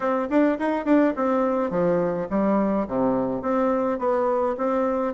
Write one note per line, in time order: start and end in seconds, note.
0.00 0.28 C4
0.29 0.58 D4
0.59 0.85 D#4
0.85 1.13 D4
1.16 1.70 C4
1.70 2.27 F3
2.30 2.87 G3
2.87 3.42 C3
3.42 3.98 C4
3.98 4.56 B3
4.57 5.13 C4